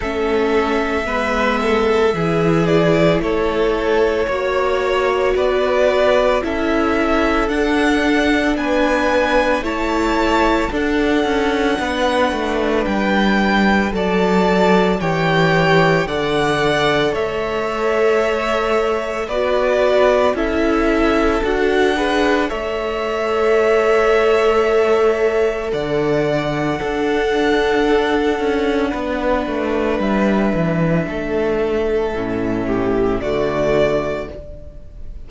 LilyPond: <<
  \new Staff \with { instrumentName = "violin" } { \time 4/4 \tempo 4 = 56 e''2~ e''8 d''8 cis''4~ | cis''4 d''4 e''4 fis''4 | gis''4 a''4 fis''2 | g''4 a''4 g''4 fis''4 |
e''2 d''4 e''4 | fis''4 e''2. | fis''1 | e''2. d''4 | }
  \new Staff \with { instrumentName = "violin" } { \time 4/4 a'4 b'8 a'8 gis'4 a'4 | cis''4 b'4 a'2 | b'4 cis''4 a'4 b'4~ | b'4 d''4 cis''4 d''4 |
cis''2 b'4 a'4~ | a'8 b'8 cis''2. | d''4 a'2 b'4~ | b'4 a'4. g'8 fis'4 | }
  \new Staff \with { instrumentName = "viola" } { \time 4/4 cis'4 b4 e'2 | fis'2 e'4 d'4~ | d'4 e'4 d'2~ | d'4 a'4 g'4 a'4~ |
a'2 fis'4 e'4 | fis'8 gis'8 a'2.~ | a'4 d'2.~ | d'2 cis'4 a4 | }
  \new Staff \with { instrumentName = "cello" } { \time 4/4 a4 gis4 e4 a4 | ais4 b4 cis'4 d'4 | b4 a4 d'8 cis'8 b8 a8 | g4 fis4 e4 d4 |
a2 b4 cis'4 | d'4 a2. | d4 d'4. cis'8 b8 a8 | g8 e8 a4 a,4 d4 | }
>>